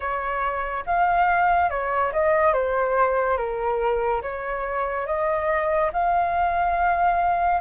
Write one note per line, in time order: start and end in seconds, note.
0.00 0.84 C#5
0.86 1.69 F5
1.69 2.12 C#5
2.12 2.53 D#5
2.53 3.36 C5
3.36 4.21 A#4
4.21 5.06 C#5
5.06 5.90 D#5
5.92 7.60 F5